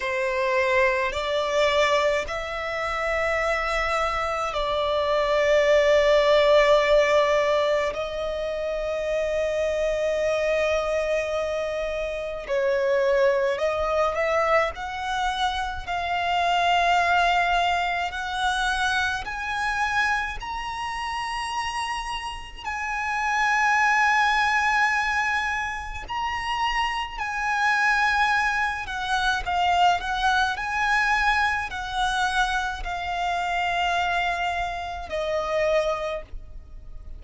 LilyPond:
\new Staff \with { instrumentName = "violin" } { \time 4/4 \tempo 4 = 53 c''4 d''4 e''2 | d''2. dis''4~ | dis''2. cis''4 | dis''8 e''8 fis''4 f''2 |
fis''4 gis''4 ais''2 | gis''2. ais''4 | gis''4. fis''8 f''8 fis''8 gis''4 | fis''4 f''2 dis''4 | }